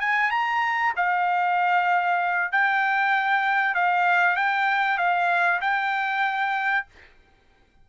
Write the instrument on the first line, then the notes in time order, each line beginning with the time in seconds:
trumpet
0.00 G#5
0.31 A#5
0.96 F5
2.52 G5
3.74 F5
4.36 G5
4.97 F5
5.61 G5